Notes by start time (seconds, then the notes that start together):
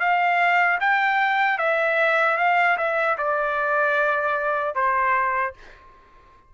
0.00 F5
0.80 G5
1.59 E5
2.38 F5
2.78 E5
3.18 D5
4.75 C5